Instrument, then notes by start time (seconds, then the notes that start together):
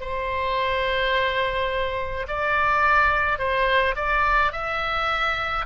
oboe
0.00 C5
2.28 D5
3.39 C5
3.96 D5
4.52 E5